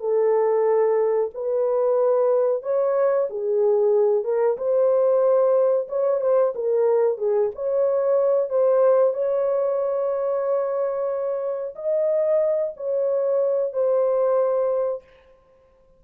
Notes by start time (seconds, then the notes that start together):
0.00 A4
1.34 B4
2.63 C#5
3.30 G#4
4.24 A#4
4.57 C5
5.88 C#5
6.21 C5
6.55 A#4
7.18 G#4
7.55 C#5
8.50 C5
9.14 C#5
11.76 D#5
12.76 C#5
13.73 C5